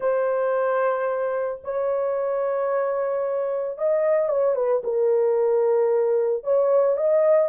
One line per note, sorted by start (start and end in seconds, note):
0.00 1.61 C5
1.63 3.78 C#5
3.78 4.29 D#5
4.29 4.55 C#5
4.55 4.82 B4
4.83 6.43 A#4
6.43 6.96 C#5
6.96 7.49 D#5